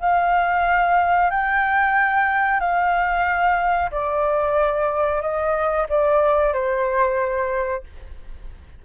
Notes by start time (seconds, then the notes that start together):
0.00 F5
1.30 G5
2.60 F5
3.92 D5
5.22 D#5
5.89 D5
6.53 C5